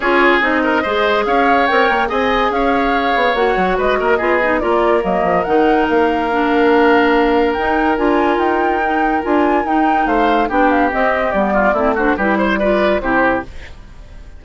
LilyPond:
<<
  \new Staff \with { instrumentName = "flute" } { \time 4/4 \tempo 4 = 143 cis''4 dis''2 f''4 | g''4 gis''4 f''2 | fis''4 dis''2 d''4 | dis''4 fis''4 f''2~ |
f''2 g''4 gis''4 | g''2 gis''4 g''4 | f''4 g''8 f''8 dis''4 d''4~ | d''8 c''8 b'8 c''8 d''4 c''4 | }
  \new Staff \with { instrumentName = "oboe" } { \time 4/4 gis'4. ais'8 c''4 cis''4~ | cis''4 dis''4 cis''2~ | cis''4 b'8 ais'8 gis'4 ais'4~ | ais'1~ |
ais'1~ | ais'1 | c''4 g'2~ g'8 f'8 | e'8 fis'8 g'8 c''8 b'4 g'4 | }
  \new Staff \with { instrumentName = "clarinet" } { \time 4/4 f'4 dis'4 gis'2 | ais'4 gis'2. | fis'2 f'8 dis'8 f'4 | ais4 dis'2 d'4~ |
d'2 dis'4 f'4~ | f'4 dis'4 f'4 dis'4~ | dis'4 d'4 c'4 b4 | c'8 d'8 e'4 f'4 e'4 | }
  \new Staff \with { instrumentName = "bassoon" } { \time 4/4 cis'4 c'4 gis4 cis'4 | c'8 ais8 c'4 cis'4. b8 | ais8 fis8 gis8 ais8 b4 ais4 | fis8 f8 dis4 ais2~ |
ais2 dis'4 d'4 | dis'2 d'4 dis'4 | a4 b4 c'4 g4 | a4 g2 c4 | }
>>